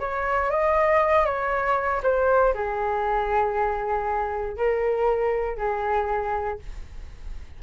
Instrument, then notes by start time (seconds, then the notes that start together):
flute
0.00 C#5
0.51 D#5
1.26 C#5
2.03 C5
2.54 G#4
4.57 A#4
5.58 G#4